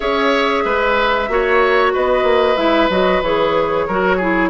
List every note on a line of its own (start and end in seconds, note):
0.00 0.65 C#4
0.00 1.28 G#4
0.00 0.63 C#5
0.00 1.91 E5
0.64 1.28 G#3
0.64 1.29 B4
1.28 1.92 A#3
1.28 2.57 F#4
1.28 1.93 C#5
1.93 2.23 B3
1.93 3.86 B4
1.93 2.56 D#5
2.23 2.55 A#3
2.56 2.89 G#3
2.56 2.89 E4
2.56 2.89 E5
2.89 3.22 F#3
2.89 3.23 F#4
2.89 3.22 D#5
3.22 3.86 E3
3.22 3.89 G#4
3.22 4.50 C#5
3.87 4.50 F#3
3.87 4.20 F#4
3.87 4.17 A#4
4.17 4.50 E4
4.17 4.49 G#4